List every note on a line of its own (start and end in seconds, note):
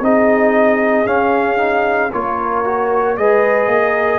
0.00 1.05 C4
0.00 1.06 D#4
0.00 2.14 G#4
0.00 1.07 D#5
1.06 1.57 C#4
1.06 2.11 C#4
1.06 2.12 F5
1.57 2.09 D#4
2.12 3.18 A#3
2.12 2.64 F4
2.12 3.19 A#4
2.12 3.17 C#5
2.64 3.16 F#4
3.17 3.67 G#3
3.17 4.19 G#4
3.17 3.72 B4
3.17 4.19 D#5
3.67 4.19 A#3
3.73 4.19 A#4